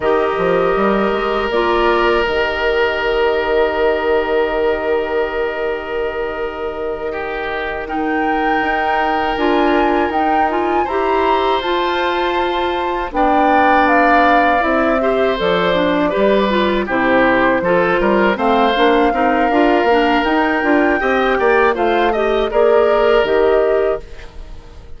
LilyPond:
<<
  \new Staff \with { instrumentName = "flute" } { \time 4/4 \tempo 4 = 80 dis''2 d''4 dis''4~ | dis''1~ | dis''2~ dis''8 g''4.~ | g''8 gis''4 g''8 gis''8 ais''4 a''8~ |
a''4. g''4 f''4 e''8~ | e''8 d''2 c''4.~ | c''8 f''2~ f''8 g''4~ | g''4 f''8 dis''8 d''4 dis''4 | }
  \new Staff \with { instrumentName = "oboe" } { \time 4/4 ais'1~ | ais'1~ | ais'4. g'4 ais'4.~ | ais'2~ ais'8 c''4.~ |
c''4. d''2~ d''8 | c''4. b'4 g'4 a'8 | ais'8 c''4 ais'2~ ais'8 | dis''8 d''8 c''8 dis''8 ais'2 | }
  \new Staff \with { instrumentName = "clarinet" } { \time 4/4 g'2 f'4 g'4~ | g'1~ | g'2~ g'8 dis'4.~ | dis'8 f'4 dis'8 f'8 g'4 f'8~ |
f'4. d'2 e'8 | g'8 a'8 d'8 g'8 f'8 e'4 f'8~ | f'8 c'8 d'8 dis'8 f'8 d'8 dis'8 f'8 | g'4 f'8 g'8 gis'4 g'4 | }
  \new Staff \with { instrumentName = "bassoon" } { \time 4/4 dis8 f8 g8 gis8 ais4 dis4~ | dis1~ | dis2.~ dis8 dis'8~ | dis'8 d'4 dis'4 e'4 f'8~ |
f'4. b2 c'8~ | c'8 f4 g4 c4 f8 | g8 a8 ais8 c'8 d'8 ais8 dis'8 d'8 | c'8 ais8 a4 ais4 dis4 | }
>>